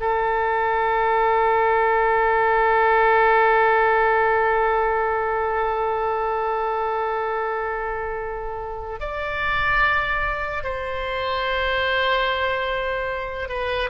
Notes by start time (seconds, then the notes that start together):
0.00 A4
9.00 D5
10.64 C5
13.49 B4